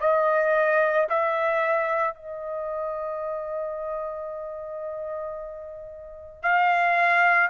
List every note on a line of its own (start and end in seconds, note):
0.00 1.07 D#5
1.09 2.14 E5
2.14 6.42 D#5
6.42 7.50 F5